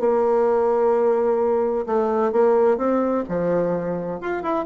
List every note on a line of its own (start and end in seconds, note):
0.00 1.86 A#3
1.87 2.33 A3
2.33 2.78 A#3
2.78 3.24 C4
3.29 4.21 F3
4.21 4.43 F4
4.43 4.66 E4